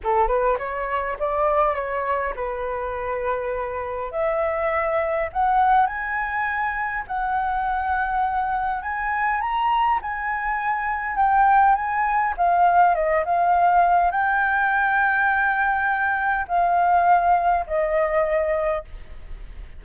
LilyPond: \new Staff \with { instrumentName = "flute" } { \time 4/4 \tempo 4 = 102 a'8 b'8 cis''4 d''4 cis''4 | b'2. e''4~ | e''4 fis''4 gis''2 | fis''2. gis''4 |
ais''4 gis''2 g''4 | gis''4 f''4 dis''8 f''4. | g''1 | f''2 dis''2 | }